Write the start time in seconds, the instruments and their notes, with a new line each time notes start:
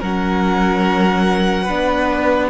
0.00 cello F#3, viola C#4, violin A#4 F#5
1.63 viola D4, violin B4
1.71 cello B3